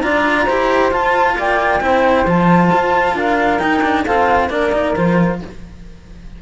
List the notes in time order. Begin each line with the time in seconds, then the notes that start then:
0.00 D4 F4 D5 A#5
0.44 E4 G4 C5
0.91 F4 A5
1.38 A#3 D5 G5
1.80 C4 E4 C5
2.25 F3 F4 A5
2.72 F4
3.14 D4 A#4 F5
3.59 D#4 G5
3.82 D4
4.03 C4 F4 A4 F5
4.49 A#3 D4 A#4 D5
4.72 D#4
4.95 F3 F4 C5